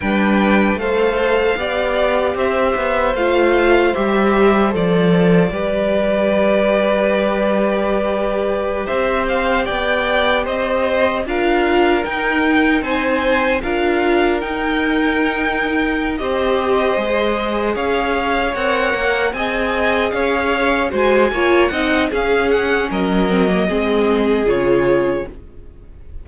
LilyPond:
<<
  \new Staff \with { instrumentName = "violin" } { \time 4/4 \tempo 4 = 76 g''4 f''2 e''4 | f''4 e''4 d''2~ | d''2.~ d''16 e''8 f''16~ | f''16 g''4 dis''4 f''4 g''8.~ |
g''16 gis''4 f''4 g''4.~ g''16~ | g''8 dis''2 f''4 fis''8~ | fis''8 gis''4 f''4 gis''4 fis''8 | f''8 fis''8 dis''2 cis''4 | }
  \new Staff \with { instrumentName = "violin" } { \time 4/4 b'4 c''4 d''4 c''4~ | c''2. b'4~ | b'2.~ b'16 c''8.~ | c''16 d''4 c''4 ais'4.~ ais'16~ |
ais'16 c''4 ais'2~ ais'8.~ | ais'8 c''2 cis''4.~ | cis''8 dis''4 cis''4 c''8 cis''8 dis''8 | gis'4 ais'4 gis'2 | }
  \new Staff \with { instrumentName = "viola" } { \time 4/4 d'4 a'4 g'2 | f'4 g'4 a'4 g'4~ | g'1~ | g'2~ g'16 f'4 dis'8.~ |
dis'4~ dis'16 f'4 dis'4.~ dis'16~ | dis'8 g'4 gis'2 ais'8~ | ais'8 gis'2 fis'8 f'8 dis'8 | cis'4. c'16 ais16 c'4 f'4 | }
  \new Staff \with { instrumentName = "cello" } { \time 4/4 g4 a4 b4 c'8 b8 | a4 g4 f4 g4~ | g2.~ g16 c'8.~ | c'16 b4 c'4 d'4 dis'8.~ |
dis'16 c'4 d'4 dis'4.~ dis'16~ | dis'8 c'4 gis4 cis'4 c'8 | ais8 c'4 cis'4 gis8 ais8 c'8 | cis'4 fis4 gis4 cis4 | }
>>